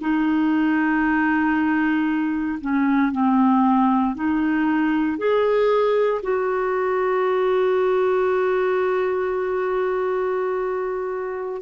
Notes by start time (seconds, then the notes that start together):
0.00 D#4
2.61 C#4
3.11 C4
4.14 D#4
5.18 G#4
6.22 F#4